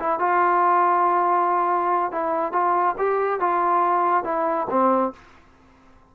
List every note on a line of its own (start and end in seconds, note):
0.00 0.19 E4
0.19 2.12 F4
2.12 2.53 E4
2.53 2.96 F4
2.98 3.40 G4
3.40 4.24 F4
4.24 4.67 E4
4.70 5.13 C4